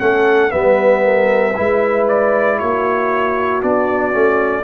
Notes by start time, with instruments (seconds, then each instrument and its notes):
0.00 tuba A3, trombone C#4, horn A4, trumpet F#5
0.51 tuba G3, trombone B3, horn B4, trumpet E5
1.04 horn A#4
1.55 tuba G#3, trombone E4, horn B4
2.08 trumpet D5
2.59 tuba A#3, horn F#4, trumpet C#5
3.62 tuba B3, trombone D4, trumpet D5
4.12 tuba A3, trombone C#4